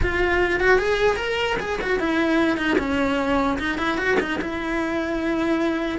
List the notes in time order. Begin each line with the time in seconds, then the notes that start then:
0.02 F4
0.60 F#4
0.78 G#4
1.16 A#4
1.59 G#4
1.81 F#4
1.99 E4
2.57 D#4
2.78 C#4
3.59 D#4
3.77 E4
3.97 F#4
4.20 D#4
4.41 E4